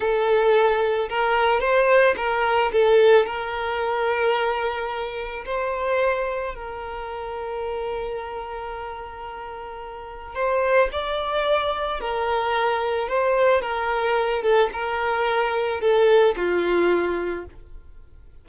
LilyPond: \new Staff \with { instrumentName = "violin" } { \time 4/4 \tempo 4 = 110 a'2 ais'4 c''4 | ais'4 a'4 ais'2~ | ais'2 c''2 | ais'1~ |
ais'2. c''4 | d''2 ais'2 | c''4 ais'4. a'8 ais'4~ | ais'4 a'4 f'2 | }